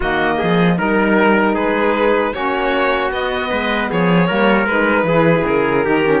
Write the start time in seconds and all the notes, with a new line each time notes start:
0.00 D#3 A#3 F#4 D#5
0.38 F3 G#4
0.77 G3 D#4 A#4
1.54 G#3 G#4 B4
2.32 A#3 C#4 F#4 C#5
3.10 B3 D#5
3.50 G#3 B4
3.90 F3 G#4 C#5
4.27 G3 A#3 A#4
4.66 G#3 D#4 B4
5.03 E3 E4 G#4
5.46 C#3 A#4
5.84 D#3 D#4 G4
6.04 C#4